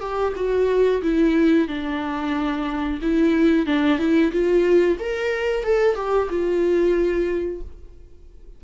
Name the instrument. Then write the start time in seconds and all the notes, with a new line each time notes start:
viola
0.00 G4
0.36 F#4
1.02 E4
1.68 D4
3.01 E4
3.66 D4
3.98 E4
4.32 F4
4.99 A#4
5.63 A4
5.95 G4
6.29 F4